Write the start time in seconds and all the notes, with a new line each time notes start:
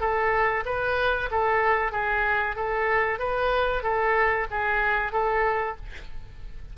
0.00 A4
0.66 B4
1.31 A4
1.92 G#4
2.56 A4
3.19 B4
3.83 A4
4.50 G#4
5.12 A4